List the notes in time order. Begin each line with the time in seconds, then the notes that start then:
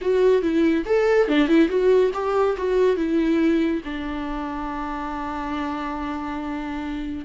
0.01 F#4
0.42 E4
0.85 A4
1.28 D4
1.48 E4
1.68 F#4
2.13 G4
2.57 F#4
2.96 E4
3.84 D4